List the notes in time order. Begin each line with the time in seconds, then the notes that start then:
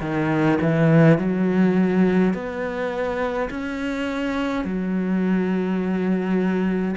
0.00 D#3
0.61 E3
1.18 F#3
2.33 B3
3.50 C#4
4.64 F#3